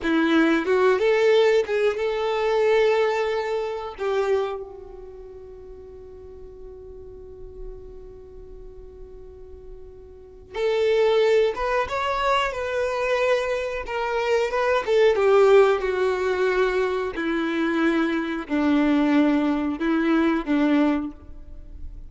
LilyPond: \new Staff \with { instrumentName = "violin" } { \time 4/4 \tempo 4 = 91 e'4 fis'8 a'4 gis'8 a'4~ | a'2 g'4 fis'4~ | fis'1~ | fis'1 |
a'4. b'8 cis''4 b'4~ | b'4 ais'4 b'8 a'8 g'4 | fis'2 e'2 | d'2 e'4 d'4 | }